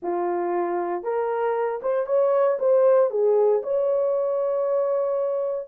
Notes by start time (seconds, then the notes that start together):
0.02 F4
1.03 A#4
1.82 C5
2.06 C#5
2.59 C5
3.10 G#4
3.62 C#5